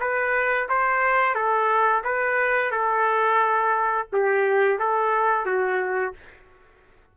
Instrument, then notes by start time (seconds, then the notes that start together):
trumpet
0.00 B4
0.69 C5
1.35 A4
2.04 B4
2.71 A4
4.12 G4
4.79 A4
5.46 F#4